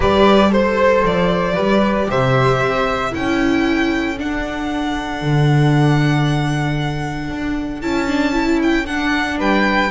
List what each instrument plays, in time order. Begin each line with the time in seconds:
0.00 double bass G3, viola G4, flute B4, violin D5
0.49 viola A4, violin C5, flute C5
1.05 double bass F3, violin D5
1.54 double bass G3, viola G4, flute B4
2.10 double bass C3, flute C5, violin E5
2.61 double bass C4
3.11 double bass C#4, viola E4, flute A4, violin G5
4.17 viola D4, double bass D4, violin F#5
5.21 double bass D3
7.30 double bass D4
7.81 double bass C#4, viola E4, violin A5
8.07 viola D4
8.32 viola E4
8.62 violin G5
8.85 viola D4, double bass D4, violin F#5
9.38 double bass G3, flute B4, violin G5